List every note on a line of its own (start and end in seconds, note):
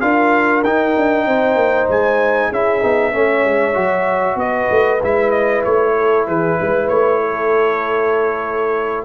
0.00 0.64 D4
0.00 0.64 F4
0.00 1.26 A#4
0.00 0.62 F5
0.63 0.95 D#4
0.63 2.53 D#4
0.63 1.88 G5
0.96 1.26 D4
1.26 1.55 C4
1.26 2.49 C5
1.55 1.87 A#3
1.88 2.51 G#3
1.88 2.53 G#5
2.49 2.83 C#4
2.49 2.81 E4
2.49 3.11 G#4
2.49 4.39 E5
2.81 3.14 B3
2.81 3.12 D#4
3.12 3.44 A3
3.12 3.74 C#4
3.12 4.39 C#5
3.44 3.76 G#3
3.74 4.35 F#3
3.74 4.99 F#4
4.35 4.67 B3
4.35 5.95 B4
4.35 5.01 D#5
4.70 5.01 A3
5.02 5.64 G#3
5.02 9.05 E4
5.02 5.30 E5
5.30 5.62 D#5
5.64 6.27 A3
5.64 6.27 C#5
5.96 6.27 A4
6.27 6.58 E3
6.27 6.58 G#4
6.27 6.88 B4
6.59 6.89 G#3
6.59 7.21 B4
6.88 9.05 A3
6.88 9.05 C#5
7.21 9.05 A4